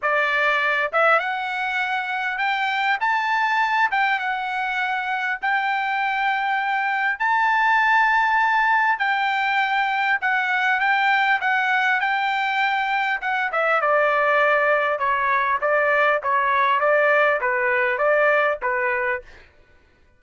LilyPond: \new Staff \with { instrumentName = "trumpet" } { \time 4/4 \tempo 4 = 100 d''4. e''8 fis''2 | g''4 a''4. g''8 fis''4~ | fis''4 g''2. | a''2. g''4~ |
g''4 fis''4 g''4 fis''4 | g''2 fis''8 e''8 d''4~ | d''4 cis''4 d''4 cis''4 | d''4 b'4 d''4 b'4 | }